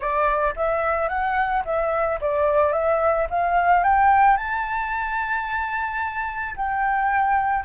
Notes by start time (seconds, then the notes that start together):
0.00 D5
0.56 E5
1.08 F#5
1.64 E5
2.20 D5
2.72 E5
3.30 F5
3.83 G5
4.37 A5
6.56 G5